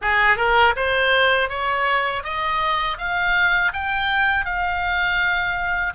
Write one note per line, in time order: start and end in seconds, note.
0.01 0.36 G#4
0.36 0.73 A#4
0.75 1.49 C5
1.49 2.23 C#5
2.23 2.97 D#5
2.98 3.72 F5
3.73 4.45 G5
4.45 5.93 F5